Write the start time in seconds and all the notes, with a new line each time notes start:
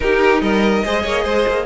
0.00 D#4 G4 A#4
0.41 G3 A#4 D#5
0.85 G#3 G#4 C5
1.02 A#3 C#5
1.23 G#3 C5
1.47 A#3